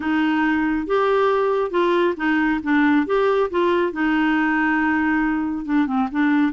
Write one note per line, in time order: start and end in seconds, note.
0.00 0.87 D#4
0.87 1.70 G4
1.70 2.14 F4
2.16 2.60 D#4
2.63 3.06 D4
3.06 3.49 G4
3.50 3.92 F4
3.92 5.65 D#4
5.65 5.86 D4
5.86 6.08 C4
6.11 6.52 D4